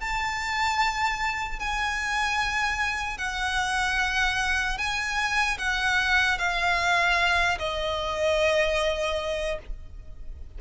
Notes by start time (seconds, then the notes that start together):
0.00 A5
1.59 G#5
3.18 F#5
4.78 G#5
5.58 F#5
6.38 F5
7.59 D#5